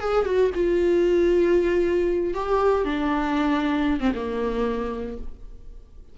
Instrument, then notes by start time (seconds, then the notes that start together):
viola
0.00 G#4
0.25 F#4
0.55 F4
2.34 G4
2.85 D4
4.00 C4
4.15 A#3